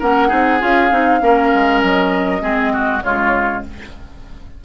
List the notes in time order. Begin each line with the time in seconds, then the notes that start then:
0.00 A#3 C#4 A#4 F#5
0.29 C4 D#4 G#4
0.60 C#4 F4 F5
0.91 C4 D#4
1.21 A#3 C#4 A#4
1.54 G#3
1.82 F#3 D#5
2.41 G#3 C4 G#4
2.73 F#4
3.03 C#3 G#3 F4 C#5